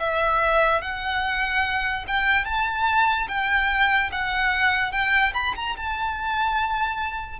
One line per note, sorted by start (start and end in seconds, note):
0.00 0.82 E5
0.82 2.05 F#5
2.08 2.45 G5
2.45 3.28 A5
3.28 4.11 G5
4.12 4.92 F#5
4.92 5.33 G5
5.34 5.55 B5
5.56 5.76 A#5
5.77 7.40 A5